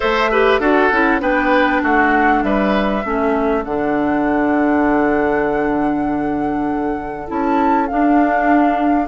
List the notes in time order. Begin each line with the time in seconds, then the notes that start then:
0.00 A3 A4 C5 E5
0.31 G4 B4
0.59 D4 F#4 A4 F#5
0.91 C#4 E4
1.20 B3 D4 B4 G5
1.82 A3 F#4 F#5
2.42 G3 B4 E5
3.04 A3 C#4 A4
3.64 D3 D4 F#5
7.27 C#4 E4 A5
7.86 D4 F5